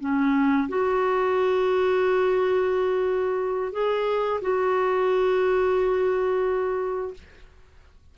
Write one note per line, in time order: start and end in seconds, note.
0.00 0.68 C#4
0.68 3.73 F#4
3.73 4.41 G#4
4.41 7.14 F#4